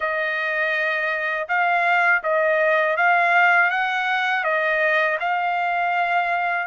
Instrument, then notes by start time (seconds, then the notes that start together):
trumpet
0.00 D#5
1.48 F5
2.23 D#5
2.96 F5
3.70 F#5
4.44 D#5
5.20 F5